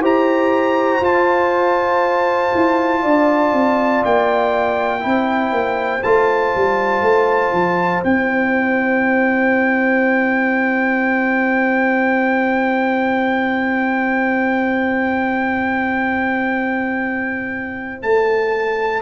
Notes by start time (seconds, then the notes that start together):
0.00 E4 G4 C5 A#5
1.00 F4 A5
2.54 E4
3.02 D4 D5
3.53 C4
4.04 A#3 G5
5.00 C4 E4 C5
5.51 A#3
6.03 A3 F4 A5
6.55 G3
7.01 A3
7.52 F3
8.04 C4 E4 G5
18.02 A3 A5